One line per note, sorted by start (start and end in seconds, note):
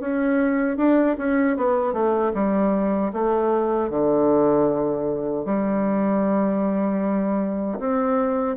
0.00 0.78 C#4
0.78 1.17 D4
1.18 1.57 C#4
1.57 1.93 B3
1.93 2.32 A3
2.34 3.12 G3
3.13 3.90 A3
3.90 5.45 D3
5.45 7.79 G3
7.79 8.57 C4